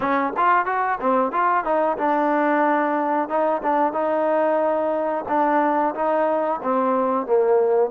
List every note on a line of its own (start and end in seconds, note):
0.00 0.33 C#4
0.36 0.65 F4
0.65 0.98 F#4
1.00 1.32 C4
1.32 1.64 F4
1.64 1.97 D#4
1.97 3.28 D4
3.28 3.61 D#4
3.62 3.92 D4
3.92 5.24 D#4
5.28 5.94 D4
5.94 6.60 D#4
6.63 7.26 C4
7.26 7.90 A#3